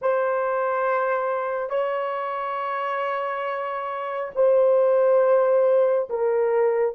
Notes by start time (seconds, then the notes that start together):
0.01 C5
1.70 C#5
4.35 C5
6.09 A#4